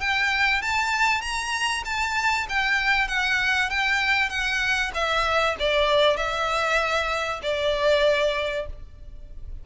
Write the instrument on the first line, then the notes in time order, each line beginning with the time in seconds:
violin
0.00 G5
0.62 A5
1.21 A#5
1.85 A5
2.49 G5
3.08 F#5
3.70 G5
4.29 F#5
4.94 E5
5.59 D5
6.17 E5
7.42 D5